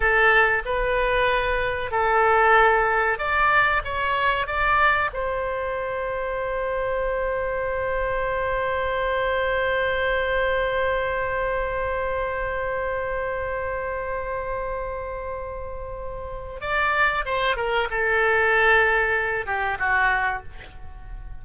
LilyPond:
\new Staff \with { instrumentName = "oboe" } { \time 4/4 \tempo 4 = 94 a'4 b'2 a'4~ | a'4 d''4 cis''4 d''4 | c''1~ | c''1~ |
c''1~ | c''1~ | c''2 d''4 c''8 ais'8 | a'2~ a'8 g'8 fis'4 | }